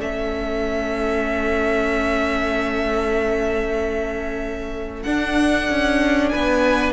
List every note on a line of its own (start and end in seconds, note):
0.00 5.05 A3
0.00 5.06 C#4
0.00 6.32 A4
0.00 5.03 E5
5.03 6.93 D4
5.03 5.70 D4
5.03 6.30 F#5
5.70 6.34 C#4
6.30 6.93 B3
6.30 6.93 B4
6.30 6.93 G#5